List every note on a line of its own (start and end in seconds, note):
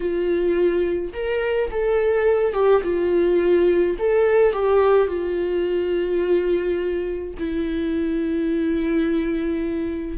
0.00 1.12 F4
1.13 1.70 A#4
1.70 2.53 A4
2.53 2.81 G4
2.83 3.96 F4
3.98 4.53 A4
4.53 5.07 G4
5.07 7.34 F4
7.38 10.17 E4